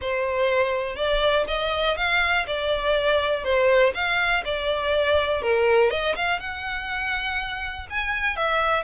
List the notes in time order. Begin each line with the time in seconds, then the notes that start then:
0.01 C5
0.96 D5
1.47 D#5
1.96 F5
2.46 D5
3.44 C5
3.94 F5
4.44 D5
5.42 A#4
5.90 D#5
6.15 F5
6.39 F#5
7.89 G#5
8.36 E5